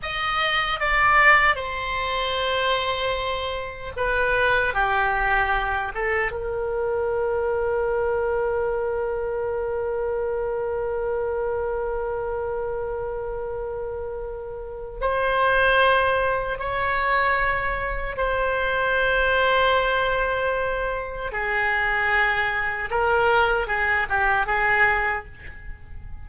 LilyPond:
\new Staff \with { instrumentName = "oboe" } { \time 4/4 \tempo 4 = 76 dis''4 d''4 c''2~ | c''4 b'4 g'4. a'8 | ais'1~ | ais'1~ |
ais'2. c''4~ | c''4 cis''2 c''4~ | c''2. gis'4~ | gis'4 ais'4 gis'8 g'8 gis'4 | }